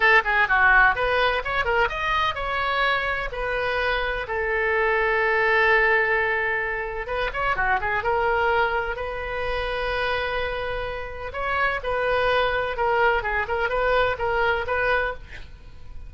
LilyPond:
\new Staff \with { instrumentName = "oboe" } { \time 4/4 \tempo 4 = 127 a'8 gis'8 fis'4 b'4 cis''8 ais'8 | dis''4 cis''2 b'4~ | b'4 a'2.~ | a'2. b'8 cis''8 |
fis'8 gis'8 ais'2 b'4~ | b'1 | cis''4 b'2 ais'4 | gis'8 ais'8 b'4 ais'4 b'4 | }